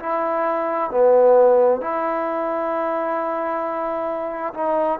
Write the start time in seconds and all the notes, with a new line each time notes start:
0.00 E4
0.91 B3
1.81 E4
4.54 D#4